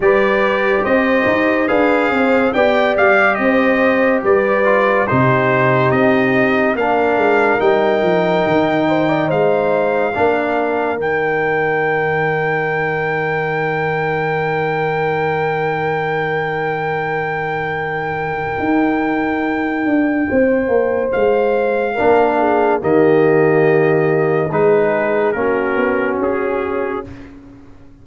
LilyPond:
<<
  \new Staff \with { instrumentName = "trumpet" } { \time 4/4 \tempo 4 = 71 d''4 dis''4 f''4 g''8 f''8 | dis''4 d''4 c''4 dis''4 | f''4 g''2 f''4~ | f''4 g''2.~ |
g''1~ | g''1~ | g''4 f''2 dis''4~ | dis''4 b'4 ais'4 gis'4 | }
  \new Staff \with { instrumentName = "horn" } { \time 4/4 b'4 c''4 b'8 c''8 d''4 | c''4 b'4 g'2 | ais'2~ ais'8 c''16 d''16 c''4 | ais'1~ |
ais'1~ | ais'1 | c''2 ais'8 gis'8 g'4~ | g'4 gis'4 fis'2 | }
  \new Staff \with { instrumentName = "trombone" } { \time 4/4 g'2 gis'4 g'4~ | g'4. f'8 dis'2 | d'4 dis'2. | d'4 dis'2.~ |
dis'1~ | dis'1~ | dis'2 d'4 ais4~ | ais4 dis'4 cis'2 | }
  \new Staff \with { instrumentName = "tuba" } { \time 4/4 g4 c'8 dis'8 d'8 c'8 b8 g8 | c'4 g4 c4 c'4 | ais8 gis8 g8 f8 dis4 gis4 | ais4 dis2.~ |
dis1~ | dis2 dis'4. d'8 | c'8 ais8 gis4 ais4 dis4~ | dis4 gis4 ais8 b8 cis'4 | }
>>